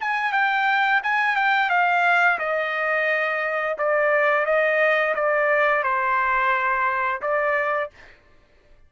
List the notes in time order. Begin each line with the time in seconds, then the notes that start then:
0.00 G#5
0.32 G5
1.03 G#5
1.36 G5
1.70 F5
2.39 D#5
3.78 D5
4.45 D#5
5.15 D5
5.83 C5
7.21 D5